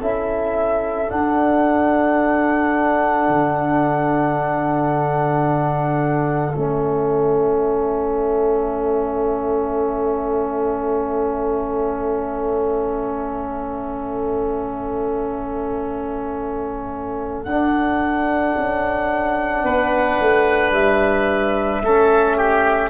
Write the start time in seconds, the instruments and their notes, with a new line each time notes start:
0.00 tuba C#4, trombone E4, oboe A4, flute E5
1.07 trombone D4, tuba D4, flute F#5
3.28 tuba D3
6.54 tuba A3, trombone C#4, flute E5
17.43 tuba D4, trombone D4, flute F#5
18.57 tuba C#4
19.64 tuba B3, oboe B4
20.20 tuba A3
20.71 tuba G3, flute E5
21.82 tuba A3, trombone C#4, oboe A4
22.37 oboe G4